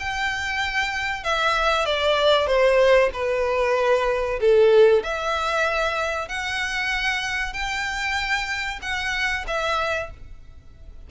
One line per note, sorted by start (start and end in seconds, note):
0.00 1.24 G5
1.24 1.86 E5
1.86 2.47 D5
2.47 3.11 C5
3.13 4.40 B4
4.41 5.04 A4
5.04 6.29 E5
6.29 7.54 F#5
7.54 8.80 G5
8.82 9.46 F#5
9.48 10.11 E5